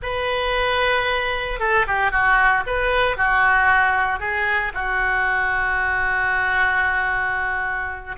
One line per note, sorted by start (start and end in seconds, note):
0.02 1.59 B4
1.59 1.86 A4
1.87 2.11 G4
2.11 2.64 F#4
2.66 3.17 B4
3.17 4.19 F#4
4.19 4.72 G#4
4.74 8.16 F#4